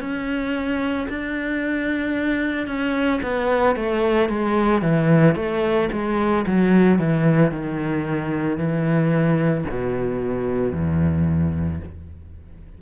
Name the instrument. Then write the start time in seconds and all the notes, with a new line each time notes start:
cello
0.00 C#4
1.09 D4
2.67 C#4
3.23 B3
3.76 A3
4.29 G#3
4.82 E3
5.36 A3
5.92 G#3
6.47 F#3
6.98 E3
7.51 D#3
8.58 E3
9.71 B2
10.73 E2